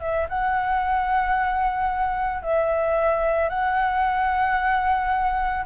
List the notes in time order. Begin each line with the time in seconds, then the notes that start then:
0.00 E5
0.29 F#5
2.42 E5
3.49 F#5